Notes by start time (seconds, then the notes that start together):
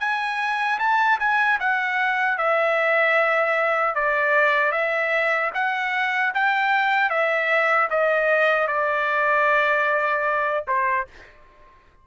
0.00 G#5
0.79 A5
1.19 G#5
1.60 F#5
2.38 E5
3.95 D5
4.72 E5
5.54 F#5
6.34 G5
7.10 E5
7.91 D#5
8.68 D5
10.68 C5